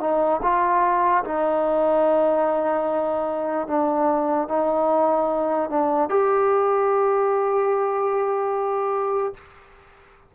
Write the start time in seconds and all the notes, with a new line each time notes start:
0.00 D#4
0.42 F4
1.24 D#4
3.67 D4
4.48 D#4
5.69 D4
6.10 G4